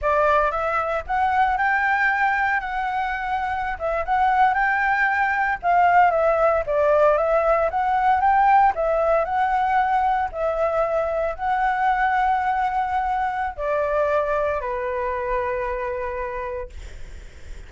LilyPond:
\new Staff \with { instrumentName = "flute" } { \time 4/4 \tempo 4 = 115 d''4 e''4 fis''4 g''4~ | g''4 fis''2~ fis''16 e''8 fis''16~ | fis''8. g''2 f''4 e''16~ | e''8. d''4 e''4 fis''4 g''16~ |
g''8. e''4 fis''2 e''16~ | e''4.~ e''16 fis''2~ fis''16~ | fis''2 d''2 | b'1 | }